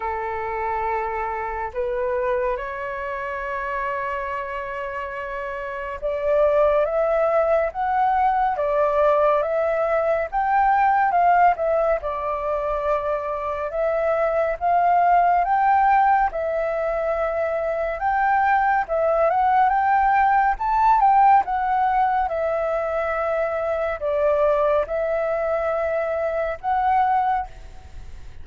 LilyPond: \new Staff \with { instrumentName = "flute" } { \time 4/4 \tempo 4 = 70 a'2 b'4 cis''4~ | cis''2. d''4 | e''4 fis''4 d''4 e''4 | g''4 f''8 e''8 d''2 |
e''4 f''4 g''4 e''4~ | e''4 g''4 e''8 fis''8 g''4 | a''8 g''8 fis''4 e''2 | d''4 e''2 fis''4 | }